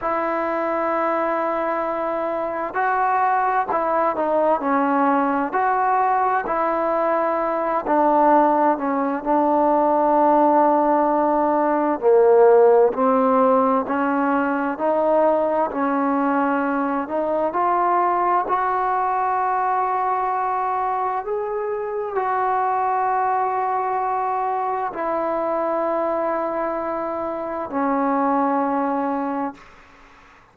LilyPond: \new Staff \with { instrumentName = "trombone" } { \time 4/4 \tempo 4 = 65 e'2. fis'4 | e'8 dis'8 cis'4 fis'4 e'4~ | e'8 d'4 cis'8 d'2~ | d'4 ais4 c'4 cis'4 |
dis'4 cis'4. dis'8 f'4 | fis'2. gis'4 | fis'2. e'4~ | e'2 cis'2 | }